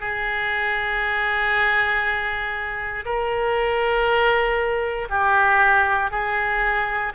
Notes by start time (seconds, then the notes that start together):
0.00 G#4
3.06 A#4
5.10 G4
6.11 G#4